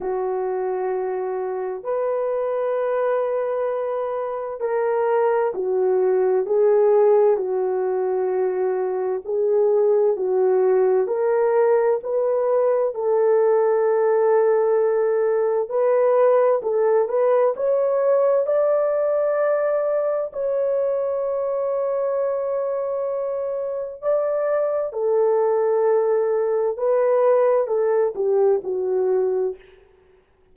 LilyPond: \new Staff \with { instrumentName = "horn" } { \time 4/4 \tempo 4 = 65 fis'2 b'2~ | b'4 ais'4 fis'4 gis'4 | fis'2 gis'4 fis'4 | ais'4 b'4 a'2~ |
a'4 b'4 a'8 b'8 cis''4 | d''2 cis''2~ | cis''2 d''4 a'4~ | a'4 b'4 a'8 g'8 fis'4 | }